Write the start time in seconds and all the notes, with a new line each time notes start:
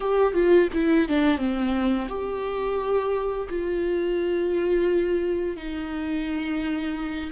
0.00 G4
0.33 F4
0.73 E4
1.08 D4
1.37 C4
2.08 G4
3.49 F4
5.56 D#4